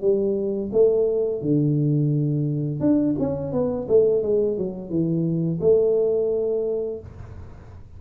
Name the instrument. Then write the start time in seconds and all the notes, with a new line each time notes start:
tuba
0.00 G3
0.72 A3
1.41 D3
2.80 D4
3.18 C#4
3.52 B3
3.88 A3
4.22 G#3
4.57 F#3
4.89 E3
5.60 A3